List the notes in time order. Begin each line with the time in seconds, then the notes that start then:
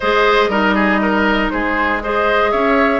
0.00 G#3 G#4 C5 D#5
0.48 G3 D#4 A#4
0.74 G#4
1.01 A#4
1.49 G#3 G#4 C5
2.01 G#4 C5 D#5
2.51 C#4 C#5 E5